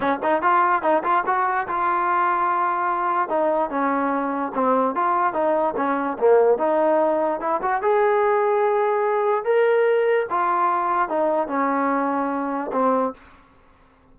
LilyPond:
\new Staff \with { instrumentName = "trombone" } { \time 4/4 \tempo 4 = 146 cis'8 dis'8 f'4 dis'8 f'8 fis'4 | f'1 | dis'4 cis'2 c'4 | f'4 dis'4 cis'4 ais4 |
dis'2 e'8 fis'8 gis'4~ | gis'2. ais'4~ | ais'4 f'2 dis'4 | cis'2. c'4 | }